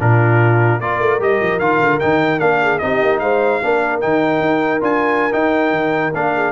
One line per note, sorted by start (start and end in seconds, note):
0.00 0.80 A#2
0.00 0.81 D4
0.00 0.81 F4
0.00 0.81 A#4
0.80 0.99 A#3
0.80 1.20 F4
0.80 2.62 A#4
0.80 1.21 D5
0.99 1.19 A3
1.19 1.39 G3
1.19 1.60 G4
1.19 1.59 D#5
1.42 1.59 F3
1.59 1.79 D#3
1.59 2.01 F4
1.59 1.99 F5
1.80 2.00 D3
2.00 2.40 D#3
2.00 2.39 D#4
2.00 2.40 G5
2.39 2.80 A#3
2.39 2.80 D4
2.39 2.78 F5
2.62 2.82 G#4
2.78 3.02 C4
2.78 3.62 D#4
2.78 3.21 G4
2.78 3.19 D#5
3.02 3.21 A#3
3.19 3.61 G#3
3.19 3.61 C5
3.19 4.00 F5
3.62 4.03 A#3
3.62 4.02 D4
3.62 6.35 A#4
4.01 4.41 D#3
4.01 4.81 D#4
4.01 4.81 G5
4.41 4.81 D#4
4.81 5.32 D4
4.81 5.31 F4
4.81 5.33 G#5
5.33 6.13 D#4
5.33 5.71 D#4
5.33 6.14 G5
5.71 6.11 D#3
6.14 6.52 A#3
6.14 6.52 D4
6.14 6.52 F5
6.35 6.52 G#4